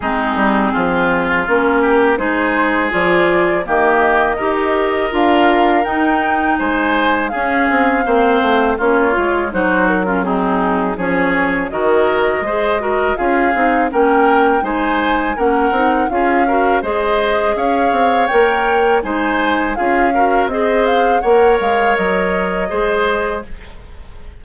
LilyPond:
<<
  \new Staff \with { instrumentName = "flute" } { \time 4/4 \tempo 4 = 82 gis'2 ais'4 c''4 | d''4 dis''2 f''4 | g''4 gis''4 f''2 | cis''4 c''8 ais'8 gis'4 cis''4 |
dis''2 f''4 g''4 | gis''4 fis''4 f''4 dis''4 | f''4 g''4 gis''4 f''4 | dis''8 f''8 fis''8 f''8 dis''2 | }
  \new Staff \with { instrumentName = "oboe" } { \time 4/4 dis'4 f'4. g'8 gis'4~ | gis'4 g'4 ais'2~ | ais'4 c''4 gis'4 c''4 | f'4 fis'8. f'16 dis'4 gis'4 |
ais'4 c''8 ais'8 gis'4 ais'4 | c''4 ais'4 gis'8 ais'8 c''4 | cis''2 c''4 gis'8 ais'8 | c''4 cis''2 c''4 | }
  \new Staff \with { instrumentName = "clarinet" } { \time 4/4 c'2 cis'4 dis'4 | f'4 ais4 g'4 f'4 | dis'2 cis'4 c'4 | cis'8 f'8 dis'8. cis'16 c'4 cis'4 |
fis'4 gis'8 fis'8 f'8 dis'8 cis'4 | dis'4 cis'8 dis'8 f'8 fis'8 gis'4~ | gis'4 ais'4 dis'4 f'8 fis'8 | gis'4 ais'2 gis'4 | }
  \new Staff \with { instrumentName = "bassoon" } { \time 4/4 gis8 g8 f4 ais4 gis4 | f4 dis4 dis'4 d'4 | dis'4 gis4 cis'8 c'8 ais8 a8 | ais8 gis8 fis2 f4 |
dis4 gis4 cis'8 c'8 ais4 | gis4 ais8 c'8 cis'4 gis4 | cis'8 c'8 ais4 gis4 cis'4 | c'4 ais8 gis8 fis4 gis4 | }
>>